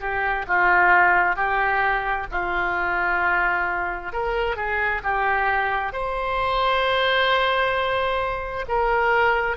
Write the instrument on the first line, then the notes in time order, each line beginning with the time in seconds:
oboe
0.00 G4
0.48 F4
1.36 G4
2.31 F4
4.13 A#4
4.56 G#4
5.04 G4
5.93 C5
8.68 A#4